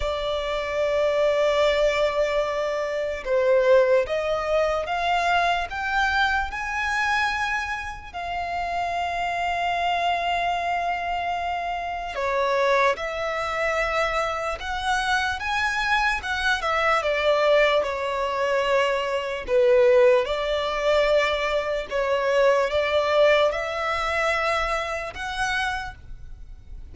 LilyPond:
\new Staff \with { instrumentName = "violin" } { \time 4/4 \tempo 4 = 74 d''1 | c''4 dis''4 f''4 g''4 | gis''2 f''2~ | f''2. cis''4 |
e''2 fis''4 gis''4 | fis''8 e''8 d''4 cis''2 | b'4 d''2 cis''4 | d''4 e''2 fis''4 | }